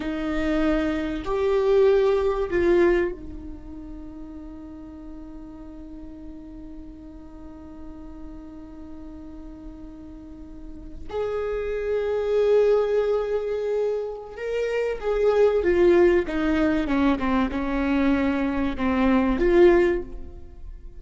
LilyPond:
\new Staff \with { instrumentName = "viola" } { \time 4/4 \tempo 4 = 96 dis'2 g'2 | f'4 dis'2.~ | dis'1~ | dis'1~ |
dis'4.~ dis'16 gis'2~ gis'16~ | gis'2. ais'4 | gis'4 f'4 dis'4 cis'8 c'8 | cis'2 c'4 f'4 | }